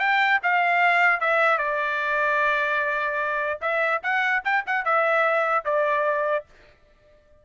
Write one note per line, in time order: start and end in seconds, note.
0.00 0.40 G5
0.43 1.21 F5
1.21 1.58 E5
1.58 3.60 D5
3.61 4.02 E5
4.03 4.43 F#5
4.45 4.65 G5
4.67 4.85 F#5
4.85 5.65 E5
5.65 6.46 D5